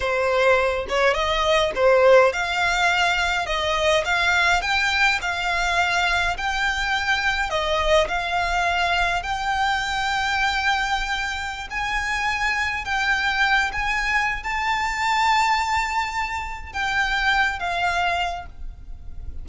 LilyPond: \new Staff \with { instrumentName = "violin" } { \time 4/4 \tempo 4 = 104 c''4. cis''8 dis''4 c''4 | f''2 dis''4 f''4 | g''4 f''2 g''4~ | g''4 dis''4 f''2 |
g''1~ | g''16 gis''2 g''4. gis''16~ | gis''4 a''2.~ | a''4 g''4. f''4. | }